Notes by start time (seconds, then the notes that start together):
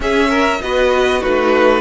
0.00 C#4 G#4 E5
0.29 A#4
0.61 B3 F#4 B4 D#5
1.19 A3 D#4 F#4 B4